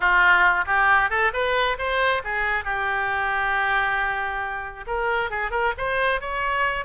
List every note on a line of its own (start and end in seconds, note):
0.00 0.65 F4
0.66 1.10 G4
1.10 1.32 A4
1.33 1.77 B4
1.78 2.22 C5
2.24 2.64 G#4
2.64 4.85 G4
4.86 5.30 A#4
5.30 5.50 G#4
5.50 5.73 A#4
5.77 6.20 C5
6.20 6.85 C#5